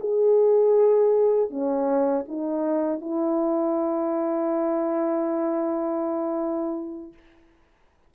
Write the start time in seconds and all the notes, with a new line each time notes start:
0.00 G#4
1.50 C#4
2.28 D#4
3.01 E4